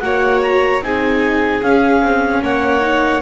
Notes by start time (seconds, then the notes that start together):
0.00 A#3 F#4 C#5 F#5
0.43 A#5
0.81 C4 D#4 G#4 G#5
1.62 C#4 F5
2.02 C4
2.43 A#3 C#5 F#5
2.81 D#4